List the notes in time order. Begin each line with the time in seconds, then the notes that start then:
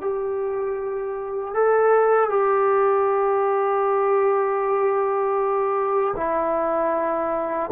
0.00 G4
1.53 A4
2.29 G4
6.16 E4